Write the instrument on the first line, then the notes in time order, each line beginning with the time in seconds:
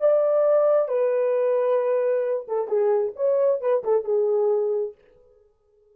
horn
0.00 D5
0.88 B4
2.48 A4
2.68 G#4
3.16 C#5
3.61 B4
3.84 A4
4.04 G#4